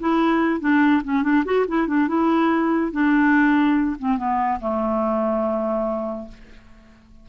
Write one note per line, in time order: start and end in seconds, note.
0.00 0.60 E4
0.60 1.02 D4
1.04 1.23 C#4
1.23 1.44 D4
1.45 1.66 F#4
1.68 1.88 E4
1.88 2.08 D4
2.08 2.92 E4
2.92 3.97 D4
3.99 4.17 C4
4.17 4.59 B3
4.60 6.28 A3